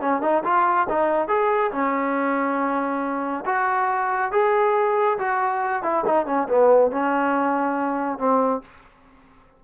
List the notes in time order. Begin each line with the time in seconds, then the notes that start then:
0.00 C#4
0.21 D#4
0.44 F4
0.89 D#4
1.28 G#4
1.71 C#4
3.45 F#4
4.31 G#4
5.18 F#4
5.83 E4
6.05 D#4
6.26 C#4
6.48 B3
6.91 C#4
8.18 C4